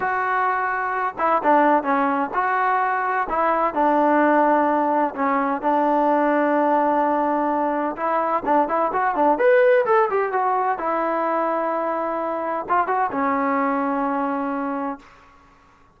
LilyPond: \new Staff \with { instrumentName = "trombone" } { \time 4/4 \tempo 4 = 128 fis'2~ fis'8 e'8 d'4 | cis'4 fis'2 e'4 | d'2. cis'4 | d'1~ |
d'4 e'4 d'8 e'8 fis'8 d'8 | b'4 a'8 g'8 fis'4 e'4~ | e'2. f'8 fis'8 | cis'1 | }